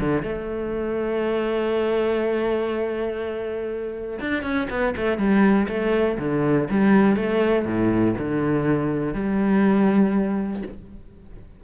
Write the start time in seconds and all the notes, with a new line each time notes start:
0.00 D3
0.23 A3
4.21 D4
4.43 C#4
4.70 B3
4.97 A3
5.18 G3
5.68 A3
6.19 D3
6.71 G3
7.17 A3
7.66 A2
8.19 D3
9.14 G3